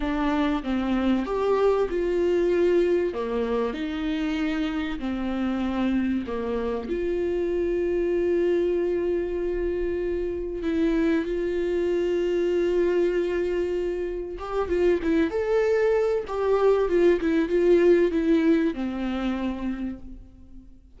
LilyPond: \new Staff \with { instrumentName = "viola" } { \time 4/4 \tempo 4 = 96 d'4 c'4 g'4 f'4~ | f'4 ais4 dis'2 | c'2 ais4 f'4~ | f'1~ |
f'4 e'4 f'2~ | f'2. g'8 f'8 | e'8 a'4. g'4 f'8 e'8 | f'4 e'4 c'2 | }